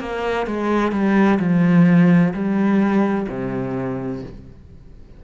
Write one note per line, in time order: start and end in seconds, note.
0.00 0.47 A#3
0.47 0.92 G#3
0.92 1.39 G3
1.40 2.34 F3
2.34 3.28 G3
3.29 4.23 C3